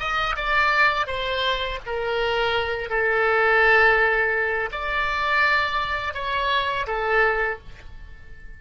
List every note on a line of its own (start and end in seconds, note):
0.00 0.36 D#5
0.36 1.07 D5
1.07 1.80 C5
1.86 2.90 A#4
2.90 4.71 A4
4.72 6.14 D5
6.14 6.87 C#5
6.87 7.59 A4